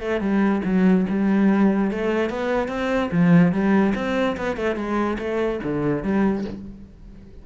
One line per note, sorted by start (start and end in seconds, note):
0.00 0.20 A3
0.20 0.62 G3
0.64 1.06 F#3
1.09 1.91 G3
1.91 2.30 A3
2.30 2.68 B3
2.68 3.09 C4
3.11 3.52 F3
3.52 3.93 G3
3.95 4.36 C4
4.37 4.56 B3
4.56 4.76 A3
4.76 5.17 G#3
5.18 5.60 A3
5.63 6.03 D3
6.03 6.44 G3